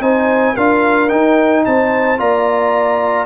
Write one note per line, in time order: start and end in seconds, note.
0.00 0.55 C4
0.00 0.56 D#4
0.00 0.54 C5
0.00 0.56 G#5
0.54 1.11 D4
0.54 1.09 F4
0.54 1.63 A#4
0.54 1.09 F5
1.09 2.18 D#4
1.09 1.66 D#4
1.09 1.64 G5
1.65 2.20 C4
1.65 2.20 C5
1.65 2.20 A5
2.18 3.26 A#3
2.18 3.26 F4
2.18 3.26 D5
2.18 3.26 A#5